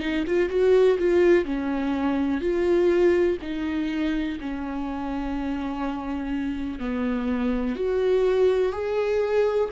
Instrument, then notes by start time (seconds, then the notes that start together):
viola
0.00 D#4
0.26 F4
0.49 F#4
0.99 F4
1.45 C#4
2.41 F4
3.41 D#4
4.40 C#4
6.79 B3
7.76 F#4
8.72 G#4